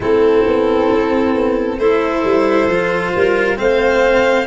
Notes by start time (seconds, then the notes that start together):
0.00 A3 C4 E4 A4
0.46 B3
0.91 C4
1.34 B3
1.78 A3 E4 A4 C5
2.24 G3
2.68 F3 F4
3.13 G3 A#4
3.56 A3 C4 C5 F5